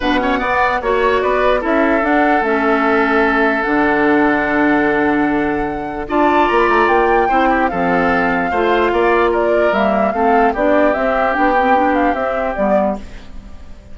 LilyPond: <<
  \new Staff \with { instrumentName = "flute" } { \time 4/4 \tempo 4 = 148 fis''2 cis''4 d''4 | e''4 fis''4 e''2~ | e''4 fis''2.~ | fis''2. a''4 |
ais''16 b''16 ais''8 g''2 f''4~ | f''2. d''4 | e''4 f''4 d''4 e''4 | g''4. f''8 e''4 d''4 | }
  \new Staff \with { instrumentName = "oboe" } { \time 4/4 b'8 cis''8 d''4 cis''4 b'4 | a'1~ | a'1~ | a'2. d''4~ |
d''2 c''8 g'8 a'4~ | a'4 c''4 d''4 ais'4~ | ais'4 a'4 g'2~ | g'1 | }
  \new Staff \with { instrumentName = "clarinet" } { \time 4/4 d'8 cis'8 b4 fis'2 | e'4 d'4 cis'2~ | cis'4 d'2.~ | d'2. f'4~ |
f'2 e'4 c'4~ | c'4 f'2. | ais4 c'4 d'4 c'4 | d'8 c'8 d'4 c'4 b4 | }
  \new Staff \with { instrumentName = "bassoon" } { \time 4/4 b,4 b4 ais4 b4 | cis'4 d'4 a2~ | a4 d2.~ | d2. d'4 |
ais8 a8 ais4 c'4 f4~ | f4 a4 ais2 | g4 a4 b4 c'4 | b2 c'4 g4 | }
>>